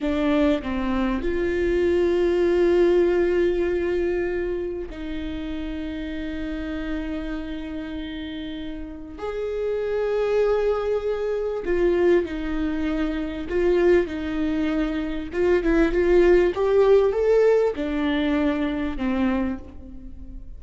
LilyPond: \new Staff \with { instrumentName = "viola" } { \time 4/4 \tempo 4 = 98 d'4 c'4 f'2~ | f'1 | dis'1~ | dis'2. gis'4~ |
gis'2. f'4 | dis'2 f'4 dis'4~ | dis'4 f'8 e'8 f'4 g'4 | a'4 d'2 c'4 | }